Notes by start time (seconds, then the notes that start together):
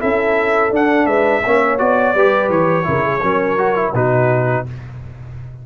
0.00 C#4 E4 A4 E5
0.71 D4 F#5
1.06 G#3 B4 E5
1.46 A#3 C#4 C#5
1.79 B3 F#4 D5
2.15 G3 G4 B4
2.50 E3 C#5
2.84 C#3 E4 A#4
3.05 G#4
3.23 F#3 C#4 A#4
3.58 F#4
3.76 E4
3.94 B2 D#4 F#4 B4